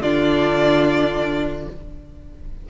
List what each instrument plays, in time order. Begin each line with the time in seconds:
0.00 cello D3, viola D4, violin F4 D5